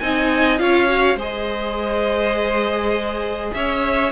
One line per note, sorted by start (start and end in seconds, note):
0.00 0.60 C4
0.00 0.59 D#4
0.00 0.62 D#5
0.00 0.58 G#5
0.58 1.16 C#4
0.58 0.88 F4
0.58 1.17 C#5
0.58 1.17 F5
0.88 1.17 F#4
1.16 3.51 G#3
1.16 4.12 G#4
1.16 3.52 C5
1.22 3.54 D#5
3.54 4.12 C#4
3.54 4.12 C#5
3.54 4.12 E5